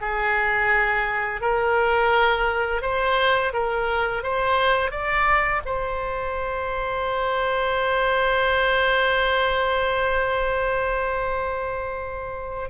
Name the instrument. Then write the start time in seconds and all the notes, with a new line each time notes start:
oboe
0.00 G#4
1.41 A#4
2.81 C5
3.53 A#4
4.23 C5
4.91 D5
5.65 C5